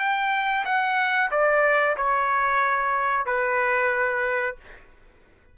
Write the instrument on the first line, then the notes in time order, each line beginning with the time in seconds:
trumpet
0.00 G5
0.66 F#5
1.31 D5
1.97 C#5
3.26 B4